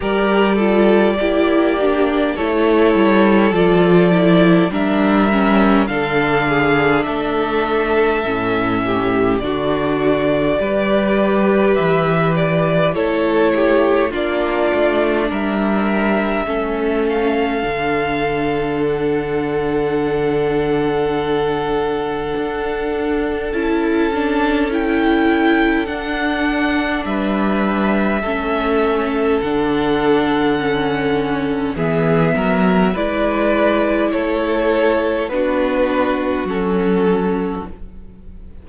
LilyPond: <<
  \new Staff \with { instrumentName = "violin" } { \time 4/4 \tempo 4 = 51 d''2 cis''4 d''4 | e''4 f''4 e''2 | d''2 e''8 d''8 cis''4 | d''4 e''4. f''4. |
fis''1 | a''4 g''4 fis''4 e''4~ | e''4 fis''2 e''4 | d''4 cis''4 b'4 a'4 | }
  \new Staff \with { instrumentName = "violin" } { \time 4/4 ais'8 a'8 g'4 a'2 | ais'4 a'8 gis'8 a'4. g'8 | fis'4 b'2 a'8 g'8 | f'4 ais'4 a'2~ |
a'1~ | a'2. b'4 | a'2. gis'8 ais'8 | b'4 a'4 fis'2 | }
  \new Staff \with { instrumentName = "viola" } { \time 4/4 g'8 f'8 e'8 d'8 e'4 f'8 e'8 | d'8 cis'8 d'2 cis'4 | d'4 g'2 e'4 | d'2 cis'4 d'4~ |
d'1 | e'8 d'8 e'4 d'2 | cis'4 d'4 cis'4 b4 | e'2 d'4 cis'4 | }
  \new Staff \with { instrumentName = "cello" } { \time 4/4 g4 ais4 a8 g8 f4 | g4 d4 a4 a,4 | d4 g4 e4 a4 | ais8 a8 g4 a4 d4~ |
d2. d'4 | cis'2 d'4 g4 | a4 d2 e8 fis8 | gis4 a4 b4 fis4 | }
>>